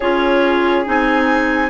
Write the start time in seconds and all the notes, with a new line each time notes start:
0.00 C#4 F4 G#4 C#5
0.85 C4 D#4 G#5